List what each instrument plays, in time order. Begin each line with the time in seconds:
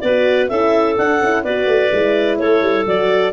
0.00 tuba B3, clarinet B4 D5
0.07 horn F#4
0.48 tuba C#4, horn E4, clarinet A4 E5
0.98 horn D4, tuba D4, clarinet F#5
1.22 tuba C#4, horn E4
1.44 tuba B3, horn F#4, clarinet B4 D5
1.66 tuba A3
1.92 tuba G#3, horn E4
2.39 tuba A3, clarinet A4 C#5
2.62 tuba G3
2.87 tuba F#3, horn F#4, clarinet D5